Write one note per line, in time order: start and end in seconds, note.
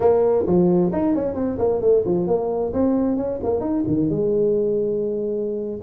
0.00 0.45 A#3
0.46 0.91 F3
0.92 1.14 D#4
1.14 1.34 C#4
1.34 1.57 C4
1.58 1.81 A#3
1.81 2.04 A3
2.05 2.27 F3
2.27 2.72 A#3
2.73 3.17 C4
3.17 3.39 C#4
3.43 3.60 A#3
3.60 3.83 D#4
3.87 4.09 D#3
4.09 5.80 G#3